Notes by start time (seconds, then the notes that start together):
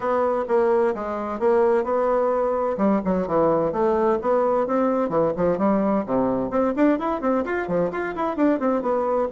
0.00 B3
0.48 A#3
0.95 G#3
1.39 A#3
1.84 B3
2.77 G3
3.04 F#3
3.27 E3
3.72 A3
4.21 B3
4.66 C4
5.09 E3
5.36 F3
5.58 G3
6.06 C3
6.50 C4
6.76 D4
6.98 E4
7.21 C4
7.44 F4
7.68 F3
7.91 F4
8.15 E4
8.36 D4
8.59 C4
8.82 B3